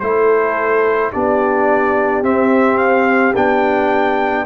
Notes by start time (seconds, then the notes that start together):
0.00 A3 E4 A4 C5
1.12 B3 D4 G4 D5
2.22 C4 E5
2.78 F5
3.36 B3 D4 G5